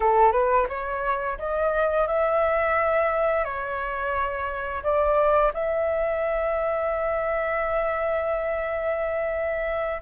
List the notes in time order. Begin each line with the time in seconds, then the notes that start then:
0.00 A4
0.32 B4
0.69 C#5
1.38 D#5
2.07 E5
3.44 C#5
4.83 D5
5.53 E5